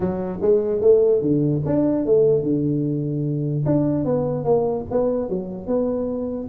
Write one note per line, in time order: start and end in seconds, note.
0.00 0.39 F#3
0.41 0.81 G#3
0.81 1.21 A3
1.21 1.62 D3
1.65 2.05 D4
2.05 2.42 A3
2.42 3.64 D3
3.65 4.04 D4
4.04 4.44 B3
4.44 4.84 A#3
4.90 5.29 B3
5.29 5.66 F#3
5.66 6.48 B3